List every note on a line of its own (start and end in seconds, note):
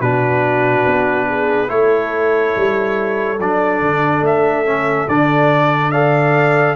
0.00 0.85 B2
0.00 1.68 D4
0.00 1.27 F#4
0.00 1.69 B4
0.86 1.69 B3
1.28 1.70 G#4
1.68 2.54 A3
1.68 3.37 E4
1.68 5.90 A4
1.68 3.38 C#5
2.56 3.39 G3
3.39 3.80 F#3
3.39 4.65 D4
3.39 4.25 D5
3.80 4.21 D3
4.21 5.06 A3
4.21 5.08 E5
4.65 5.07 C#4
5.08 6.75 D3
5.08 5.93 D4
5.08 5.91 D5
5.90 6.75 A4
5.90 6.75 D5
5.90 6.75 F5